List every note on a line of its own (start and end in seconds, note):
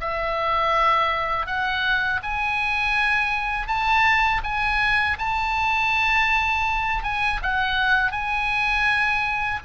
0.00 1.46 E5
1.46 2.20 F#5
2.22 3.67 G#5
3.67 4.41 A5
4.43 5.17 G#5
5.18 7.03 A5
7.03 7.40 G#5
7.42 8.11 F#5
8.11 9.59 G#5